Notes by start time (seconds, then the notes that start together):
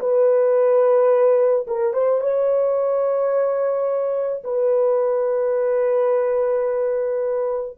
0.00 B4
1.67 A#4
1.93 C5
2.21 C#5
4.44 B4